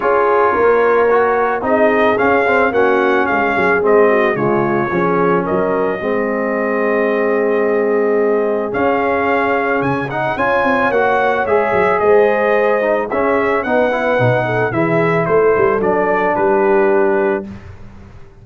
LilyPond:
<<
  \new Staff \with { instrumentName = "trumpet" } { \time 4/4 \tempo 4 = 110 cis''2. dis''4 | f''4 fis''4 f''4 dis''4 | cis''2 dis''2~ | dis''1 |
f''2 gis''8 fis''8 gis''4 | fis''4 e''4 dis''2 | e''4 fis''2 e''4 | c''4 d''4 b'2 | }
  \new Staff \with { instrumentName = "horn" } { \time 4/4 gis'4 ais'2 gis'4~ | gis'4 fis'4 gis'4. fis'8 | f'4 gis'4 ais'4 gis'4~ | gis'1~ |
gis'2. cis''4~ | cis''2 c''2 | gis'4 b'4. a'8 gis'4 | a'2 g'2 | }
  \new Staff \with { instrumentName = "trombone" } { \time 4/4 f'2 fis'4 dis'4 | cis'8 c'8 cis'2 c'4 | gis4 cis'2 c'4~ | c'1 |
cis'2~ cis'8 dis'8 f'4 | fis'4 gis'2~ gis'8 dis'8 | cis'4 dis'8 e'8 dis'4 e'4~ | e'4 d'2. | }
  \new Staff \with { instrumentName = "tuba" } { \time 4/4 cis'4 ais2 c'4 | cis'4 ais4 gis8 fis8 gis4 | cis4 f4 fis4 gis4~ | gis1 |
cis'2 cis4 cis'8 c'8 | ais4 gis8 fis8 gis2 | cis'4 b4 b,4 e4 | a8 g8 fis4 g2 | }
>>